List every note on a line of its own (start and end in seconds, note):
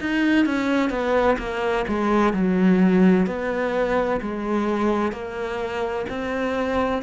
0.00 0.45 D#4
0.45 0.89 C#4
0.89 1.36 B3
1.38 1.85 A#3
1.87 2.33 G#3
2.33 3.26 F#3
3.26 4.20 B3
4.21 5.12 G#3
5.12 6.06 A#3
6.09 7.02 C4